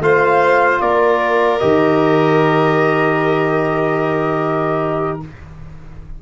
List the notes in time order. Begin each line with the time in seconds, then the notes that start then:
0.00 A3 F4 C5 F5
0.81 A#3 A#4 D5
1.59 D#3 G4 D#5